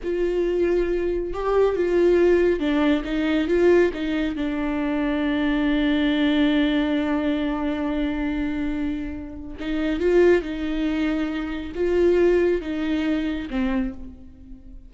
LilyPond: \new Staff \with { instrumentName = "viola" } { \time 4/4 \tempo 4 = 138 f'2. g'4 | f'2 d'4 dis'4 | f'4 dis'4 d'2~ | d'1~ |
d'1~ | d'2 dis'4 f'4 | dis'2. f'4~ | f'4 dis'2 c'4 | }